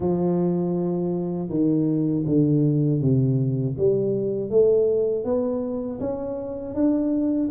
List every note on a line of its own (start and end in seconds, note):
0.00 1.49 F3
1.49 2.24 D#3
2.26 3.01 D3
3.01 3.76 C3
3.77 4.50 G3
4.50 5.24 A3
5.24 5.99 B3
6.00 6.74 C#4
6.74 7.49 D4